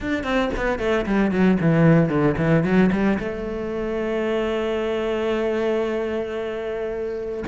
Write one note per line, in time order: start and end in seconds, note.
0.00 0.23 D4
0.23 0.50 C4
0.56 0.78 B3
0.78 1.05 A3
1.06 1.31 G3
1.31 1.57 F#3
1.60 2.09 E3
2.09 2.35 D3
2.37 2.63 E3
2.63 2.90 F#3
2.92 3.18 G3
3.19 7.44 A3